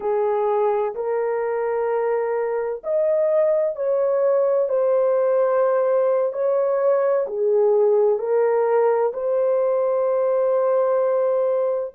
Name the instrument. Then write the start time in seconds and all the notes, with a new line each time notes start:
horn
0.00 G#4
0.95 A#4
2.83 D#5
3.75 C#5
4.69 C5
6.32 C#5
7.27 G#4
8.18 A#4
9.13 C5